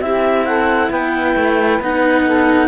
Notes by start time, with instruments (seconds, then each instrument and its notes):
0.00 cello C4 E4, saxophone G4, clarinet E5
0.45 saxophone A4, clarinet F#5
0.90 cello B3, saxophone B4, clarinet G5
1.36 cello A3
1.79 cello B3 D#4, clarinet F#5
2.25 saxophone A4